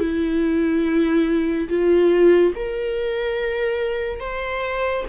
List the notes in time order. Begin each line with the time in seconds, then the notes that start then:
0.00 E4
1.69 F4
2.56 A#4
4.21 C5